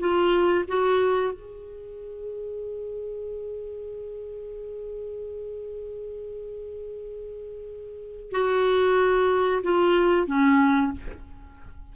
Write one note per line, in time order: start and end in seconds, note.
0.00 0.65 F4
0.68 1.33 F#4
1.33 8.32 G#4
8.32 9.62 F#4
9.63 10.27 F4
10.27 10.93 C#4